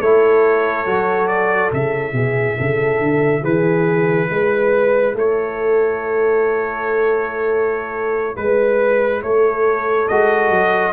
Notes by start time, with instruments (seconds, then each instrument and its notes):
0.00 tuba A3, trombone E4, horn A4, trumpet C#5
0.86 tuba F#3, trombone F#4
1.28 trumpet D5
1.71 tuba C#3, trombone E4, trumpet E5
2.13 tuba B2, horn G#4
2.58 tuba C#3, horn A4
2.99 tuba D3
3.41 tuba E3, horn G#4, trumpet B4
4.30 tuba G#3, horn B4
5.15 tuba A3, horn A4, trumpet C#5
8.37 tuba G#3, trumpet B4, horn B4
9.22 tuba A3, horn A4, trumpet C#5
10.08 tuba G#3, trombone F#4, trumpet D#5
10.50 tuba F#3